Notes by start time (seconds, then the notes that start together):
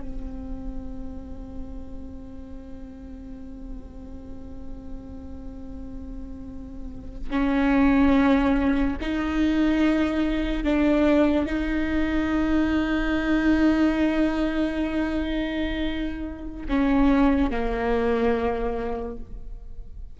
0.00 C4
7.30 C#4
9.01 D#4
10.64 D4
11.45 D#4
16.68 C#4
17.50 A#3